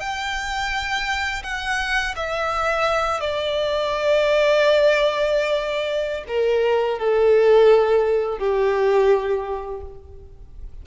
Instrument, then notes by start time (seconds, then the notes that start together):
violin
0.00 G5
1.43 F#5
2.16 E5
3.20 D5
6.27 A#4
6.99 A4
8.38 G4